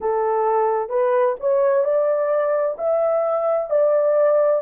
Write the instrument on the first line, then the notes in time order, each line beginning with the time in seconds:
horn
0.00 A4
0.89 B4
1.39 C#5
1.84 D5
2.78 E5
3.69 D5